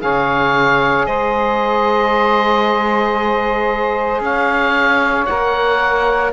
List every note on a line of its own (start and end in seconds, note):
0.00 1.07 C#3
0.00 5.26 G#4
0.00 1.07 C#5
0.00 1.06 F5
1.06 4.21 G#3
1.06 4.23 C5
1.06 4.22 D#5
4.21 5.26 C#4
4.21 6.33 C#5
4.21 5.26 F5
5.26 6.33 A#3
5.26 6.33 A#4
5.26 6.31 F#5